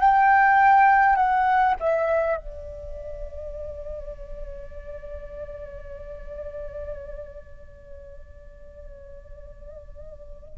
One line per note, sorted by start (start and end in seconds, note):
0.00 1.16 G5
1.16 1.74 F#5
1.80 2.36 E5
2.36 10.58 D5